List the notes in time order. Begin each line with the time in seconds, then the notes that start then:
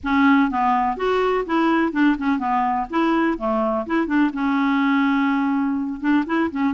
0.03 C#4
0.50 B3
0.96 F#4
1.46 E4
1.92 D4
2.18 C#4
2.38 B3
2.89 E4
3.38 A3
3.86 E4
4.06 D4
4.33 C#4
6.00 D4
6.25 E4
6.50 C#4